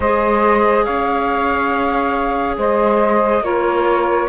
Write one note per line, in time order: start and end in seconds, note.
0.00 0.86 G#3
0.00 3.44 G#4
0.00 0.85 C5
0.00 0.84 D#5
0.84 2.57 C#4
0.84 2.56 C#5
0.84 2.56 F5
2.57 3.41 G#3
2.57 3.43 C5
2.57 3.44 D#5
3.41 4.26 A#3
3.41 4.28 F4
3.41 4.28 A#4
3.41 4.28 C#5